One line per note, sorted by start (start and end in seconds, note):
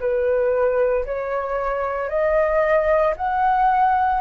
0.00 1.05 B4
1.06 2.09 C#5
2.09 3.14 D#5
3.16 4.21 F#5